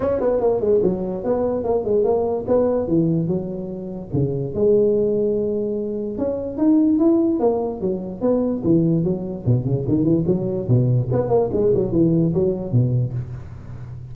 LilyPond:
\new Staff \with { instrumentName = "tuba" } { \time 4/4 \tempo 4 = 146 cis'8 b8 ais8 gis8 fis4 b4 | ais8 gis8 ais4 b4 e4 | fis2 cis4 gis4~ | gis2. cis'4 |
dis'4 e'4 ais4 fis4 | b4 e4 fis4 b,8 cis8 | dis8 e8 fis4 b,4 b8 ais8 | gis8 fis8 e4 fis4 b,4 | }